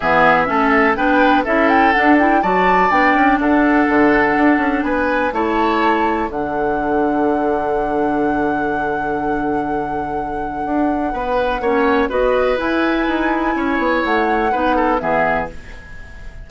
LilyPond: <<
  \new Staff \with { instrumentName = "flute" } { \time 4/4 \tempo 4 = 124 e''2 g''4 e''8 g''8 | fis''8 g''8 a''4 g''4 fis''4~ | fis''2 gis''4 a''4~ | a''4 fis''2.~ |
fis''1~ | fis''1~ | fis''4 dis''4 gis''2~ | gis''4 fis''2 e''4 | }
  \new Staff \with { instrumentName = "oboe" } { \time 4/4 gis'4 a'4 b'4 a'4~ | a'4 d''2 a'4~ | a'2 b'4 cis''4~ | cis''4 a'2.~ |
a'1~ | a'2. b'4 | cis''4 b'2. | cis''2 b'8 a'8 gis'4 | }
  \new Staff \with { instrumentName = "clarinet" } { \time 4/4 b4 cis'4 d'4 e'4 | d'8 e'8 fis'4 d'2~ | d'2. e'4~ | e'4 d'2.~ |
d'1~ | d'1 | cis'4 fis'4 e'2~ | e'2 dis'4 b4 | }
  \new Staff \with { instrumentName = "bassoon" } { \time 4/4 e4 a4 b4 cis'4 | d'4 fis4 b8 cis'8 d'4 | d4 d'8 cis'8 b4 a4~ | a4 d2.~ |
d1~ | d2 d'4 b4 | ais4 b4 e'4 dis'4 | cis'8 b8 a4 b4 e4 | }
>>